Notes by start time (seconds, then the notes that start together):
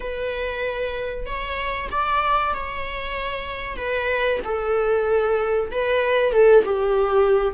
0.00 B4
1.26 C#5
1.91 D5
2.54 C#5
3.76 B4
4.44 A4
5.71 B4
6.32 A4
6.65 G4